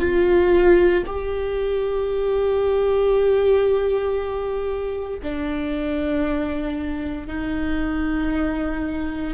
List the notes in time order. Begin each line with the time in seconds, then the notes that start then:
0.00 F4
1.06 G4
5.23 D4
7.27 D#4